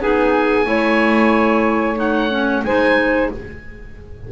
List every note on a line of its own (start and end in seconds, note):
0.00 0.66 B3
0.00 0.65 D#4
0.00 0.66 G#4
0.00 1.99 G#5
0.65 2.63 A3
0.65 1.95 E4
0.65 2.64 C#5
1.95 2.28 D#4
1.95 2.64 F#5
2.30 2.63 C#4
2.64 3.30 G#3
2.64 3.31 D#4
2.64 3.32 C5
2.64 3.30 G#5